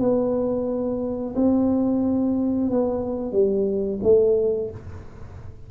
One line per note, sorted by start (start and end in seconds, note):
0.00 1.35 B3
1.36 2.71 C4
2.71 3.33 B3
3.33 4.00 G3
4.03 4.71 A3